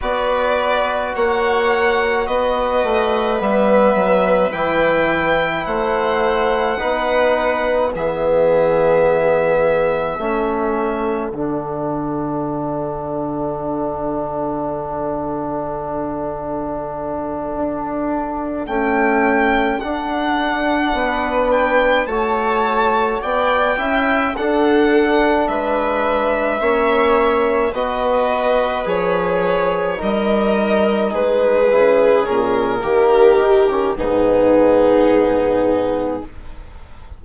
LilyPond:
<<
  \new Staff \with { instrumentName = "violin" } { \time 4/4 \tempo 4 = 53 d''4 fis''4 dis''4 e''4 | g''4 fis''2 e''4~ | e''2 fis''2~ | fis''1~ |
fis''8 g''4 fis''4. g''8 a''8~ | a''8 g''4 fis''4 e''4.~ | e''8 dis''4 cis''4 dis''4 b'8~ | b'8 ais'4. gis'2 | }
  \new Staff \with { instrumentName = "viola" } { \time 4/4 b'4 cis''4 b'2~ | b'4 c''4 b'4 gis'4~ | gis'4 a'2.~ | a'1~ |
a'2~ a'8 b'4 cis''8~ | cis''8 d''8 e''8 a'4 b'4 cis''8~ | cis''8 b'2 ais'4 gis'8~ | gis'4 g'4 dis'2 | }
  \new Staff \with { instrumentName = "trombone" } { \time 4/4 fis'2. b4 | e'2 dis'4 b4~ | b4 cis'4 d'2~ | d'1~ |
d'8 a4 d'2 fis'8~ | fis'4 e'8 d'2 cis'8~ | cis'8 fis'4 gis'4 dis'4. | e'8 cis'8 ais8 dis'16 cis'16 b2 | }
  \new Staff \with { instrumentName = "bassoon" } { \time 4/4 b4 ais4 b8 a8 g8 fis8 | e4 a4 b4 e4~ | e4 a4 d2~ | d2.~ d8 d'8~ |
d'8 cis'4 d'4 b4 a8~ | a8 b8 cis'8 d'4 gis4 ais8~ | ais8 b4 f4 g4 gis8 | cis8 ais,8 dis4 gis,2 | }
>>